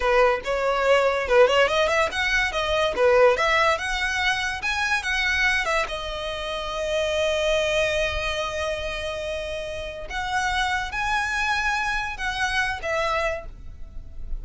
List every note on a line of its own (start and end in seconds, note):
0.00 0.40 B4
0.44 1.28 C#5
1.28 1.47 B4
1.47 1.68 C#5
1.68 1.88 D#5
1.88 2.09 E5
2.11 2.52 F#5
2.52 2.94 D#5
2.95 3.36 B4
3.36 3.77 E5
3.77 4.61 F#5
4.62 5.02 G#5
5.02 5.65 F#5
5.65 5.86 E5
5.88 10.07 D#5
10.09 10.91 F#5
10.91 12.17 G#5
12.17 12.80 F#5
12.82 13.45 E5